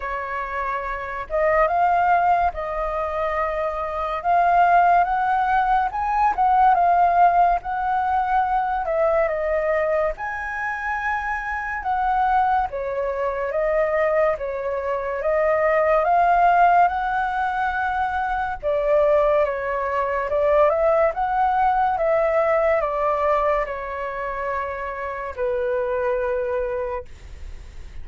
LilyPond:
\new Staff \with { instrumentName = "flute" } { \time 4/4 \tempo 4 = 71 cis''4. dis''8 f''4 dis''4~ | dis''4 f''4 fis''4 gis''8 fis''8 | f''4 fis''4. e''8 dis''4 | gis''2 fis''4 cis''4 |
dis''4 cis''4 dis''4 f''4 | fis''2 d''4 cis''4 | d''8 e''8 fis''4 e''4 d''4 | cis''2 b'2 | }